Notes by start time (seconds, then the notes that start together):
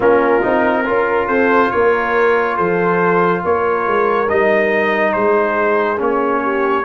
0.00 A#3 C#4 F4 A#4
0.41 C4 D#4
0.84 C#4 F4 A#4
1.27 C4 A4 C5
1.70 A#3 A#4 C#5
2.56 F3 A4 C5
3.43 A#3 A#4 C#5
3.87 G#3
4.29 G3 D#4 D#5
5.12 G#3 G#4 C5
5.97 A#3 C#4 C#5
6.42 G4